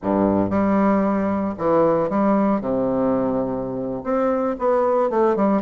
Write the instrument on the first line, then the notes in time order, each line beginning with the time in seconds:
bassoon
0.02 G2
0.50 G3
1.57 E3
2.09 G3
2.60 C3
4.03 C4
4.59 B3
5.10 A3
5.35 G3